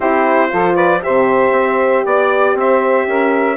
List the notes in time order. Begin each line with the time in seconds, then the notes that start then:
0.00 C4 E4 G4 C5
0.49 F3 F4 A4
0.75 B4 D5
1.02 C3 G4 C5 E5
1.51 C4
2.05 B3 D5
2.54 C4 C5 E5
3.07 C#4 A#4